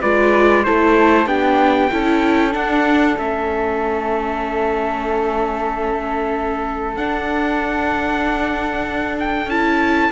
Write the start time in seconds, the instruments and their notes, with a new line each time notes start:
0.00 cello G#3, viola F4, flute B4, trumpet D5
0.63 cello A3, viola E4, flute A4, trumpet C5
1.25 cello B3, viola D4, flute G4, trumpet G5
1.90 cello C#4, viola E4, flute A4
2.51 viola D4, cello D4, trumpet F#5
3.17 cello A3, viola C#4, trumpet E5
6.96 cello D4, viola D4, trumpet F#5
9.19 trumpet G5
9.46 cello C#4, viola E4, trumpet A5